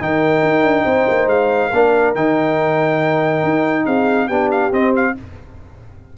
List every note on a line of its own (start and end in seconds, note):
0.00 0.42 D#3
0.00 1.72 D#4
0.00 0.84 A#4
0.00 1.28 G5
0.42 0.62 D#4
0.62 0.84 D4
0.84 1.06 C4
0.84 1.69 C5
1.08 1.26 A#3
1.26 1.69 G#3
1.26 2.14 F5
1.69 2.15 A#3
1.69 2.15 D4
1.69 3.83 A#4
2.15 3.43 D#3
2.15 4.30 D#4
2.15 3.85 G5
3.43 3.86 D#4
3.85 4.29 C4
3.85 4.27 G#4
3.85 4.28 F5
4.27 4.72 B3
4.27 4.72 D4
4.27 5.13 G4
4.27 4.49 G5
4.51 4.72 F5
4.72 5.15 C4
4.72 4.94 D#5
4.96 5.17 F5